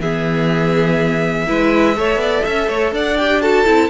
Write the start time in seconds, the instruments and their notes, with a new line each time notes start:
0.00 cello E3, viola B3, violin G#4 E5
1.47 cello G#3, viola E4, violin B4
1.97 cello A3, viola A4, violin C#5
2.16 cello B3, violin D5
2.45 cello C#4, violin E5
2.69 cello A3, violin C#5
2.92 cello D4, violin D5 F#5
3.17 viola G4, violin G5
3.41 viola F#4, violin A4 A5
3.65 cello C4, viola E4